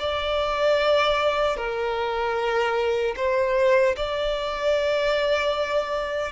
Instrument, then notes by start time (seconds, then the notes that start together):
violin
0.00 D5
1.57 A#4
3.17 C5
3.97 D5